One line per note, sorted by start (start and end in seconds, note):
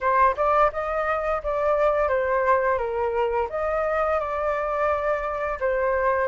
0.00 0.35 C5
0.36 0.71 D5
0.72 1.41 D#5
1.43 2.08 D5
2.08 2.78 C5
2.78 3.48 A#4
3.49 4.19 D#5
4.19 5.58 D5
5.60 6.28 C5